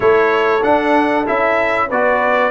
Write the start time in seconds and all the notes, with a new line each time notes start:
0.00 A3 E4 A4 C#5
0.62 D4 F#5
1.26 C#4 E4 E5
1.88 B3 F#4 B4 D5